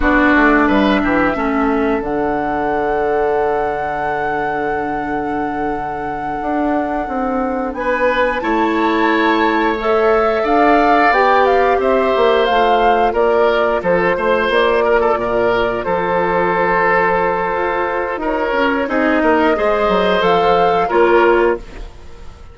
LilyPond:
<<
  \new Staff \with { instrumentName = "flute" } { \time 4/4 \tempo 4 = 89 d''4 e''2 fis''4~ | fis''1~ | fis''2.~ fis''8 gis''8~ | gis''8 a''2 e''4 f''8~ |
f''8 g''8 f''8 e''4 f''4 d''8~ | d''8 c''4 d''2 c''8~ | c''2. cis''4 | dis''2 f''4 cis''4 | }
  \new Staff \with { instrumentName = "oboe" } { \time 4/4 fis'4 b'8 g'8 a'2~ | a'1~ | a'2.~ a'8 b'8~ | b'8 cis''2. d''8~ |
d''4. c''2 ais'8~ | ais'8 a'8 c''4 ais'16 a'16 ais'4 a'8~ | a'2. ais'4 | gis'8 ais'8 c''2 ais'4 | }
  \new Staff \with { instrumentName = "clarinet" } { \time 4/4 d'2 cis'4 d'4~ | d'1~ | d'1~ | d'8 e'2 a'4.~ |
a'8 g'2 f'4.~ | f'1~ | f'1 | dis'4 gis'4 a'4 f'4 | }
  \new Staff \with { instrumentName = "bassoon" } { \time 4/4 b8 a8 g8 e8 a4 d4~ | d1~ | d4. d'4 c'4 b8~ | b8 a2. d'8~ |
d'8 b4 c'8 ais8 a4 ais8~ | ais8 f8 a8 ais4 ais,4 f8~ | f2 f'4 dis'8 cis'8 | c'8 ais8 gis8 fis8 f4 ais4 | }
>>